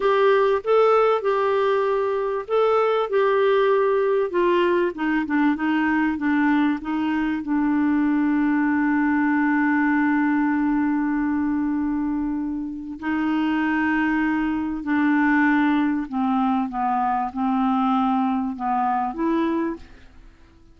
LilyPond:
\new Staff \with { instrumentName = "clarinet" } { \time 4/4 \tempo 4 = 97 g'4 a'4 g'2 | a'4 g'2 f'4 | dis'8 d'8 dis'4 d'4 dis'4 | d'1~ |
d'1~ | d'4 dis'2. | d'2 c'4 b4 | c'2 b4 e'4 | }